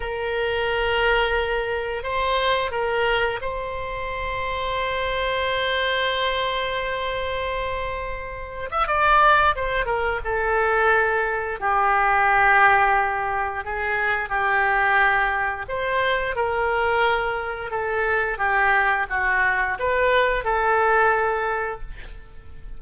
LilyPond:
\new Staff \with { instrumentName = "oboe" } { \time 4/4 \tempo 4 = 88 ais'2. c''4 | ais'4 c''2.~ | c''1~ | c''8. e''16 d''4 c''8 ais'8 a'4~ |
a'4 g'2. | gis'4 g'2 c''4 | ais'2 a'4 g'4 | fis'4 b'4 a'2 | }